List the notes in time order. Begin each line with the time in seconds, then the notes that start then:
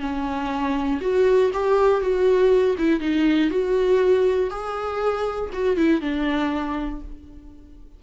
0.00 C#4
1.01 F#4
1.53 G4
2.01 F#4
2.78 E4
3.00 D#4
3.50 F#4
4.50 G#4
5.53 F#4
5.76 E4
6.01 D4